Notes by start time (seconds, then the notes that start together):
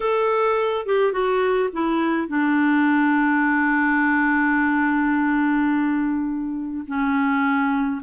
0.00 A4
0.86 G4
1.12 F#4
1.72 E4
2.28 D4
6.87 C#4